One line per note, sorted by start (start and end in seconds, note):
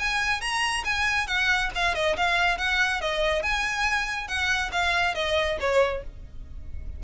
0.00 0.41 G#5
0.41 0.84 A#5
0.85 1.28 G#5
1.28 1.71 F#5
1.76 1.95 F5
1.95 2.17 D#5
2.17 2.58 F5
2.58 3.01 F#5
3.02 3.43 D#5
3.43 4.28 G#5
4.28 4.71 F#5
4.72 5.15 F5
5.15 5.58 D#5
5.61 6.04 C#5